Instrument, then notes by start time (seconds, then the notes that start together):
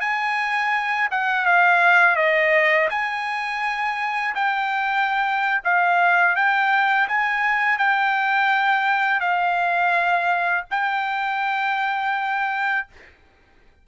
trumpet
0.00 G#5
1.11 F#5
1.45 F5
2.16 D#5
2.90 G#5
4.35 G5
5.64 F5
6.35 G5
7.08 G#5
7.78 G5
9.20 F5
10.71 G5